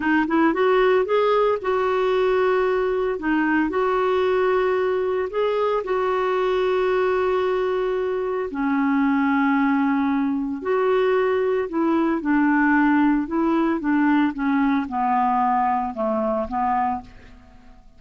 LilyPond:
\new Staff \with { instrumentName = "clarinet" } { \time 4/4 \tempo 4 = 113 dis'8 e'8 fis'4 gis'4 fis'4~ | fis'2 dis'4 fis'4~ | fis'2 gis'4 fis'4~ | fis'1 |
cis'1 | fis'2 e'4 d'4~ | d'4 e'4 d'4 cis'4 | b2 a4 b4 | }